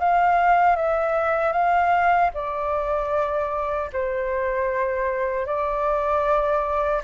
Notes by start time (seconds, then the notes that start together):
0.00 F5
0.77 E5
1.53 F5
2.34 D5
3.93 C5
5.47 D5